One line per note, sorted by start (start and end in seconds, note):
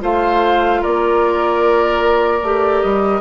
0.00 0.82 A3
0.00 2.40 F4
0.00 0.81 C5
0.00 0.83 F5
0.81 2.42 A#3
0.81 3.21 A#4
0.81 2.81 D5
2.42 2.82 A3
2.42 3.21 G4
2.81 3.21 G3
2.81 3.21 D#5